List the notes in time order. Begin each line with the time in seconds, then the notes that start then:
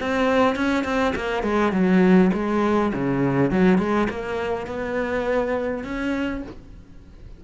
0.00 C4
0.56 C#4
0.84 C4
1.16 A#3
1.43 G#3
1.72 F#3
2.34 G#3
2.94 C#3
3.51 F#3
3.78 G#3
4.10 A#3
4.67 B3
5.84 C#4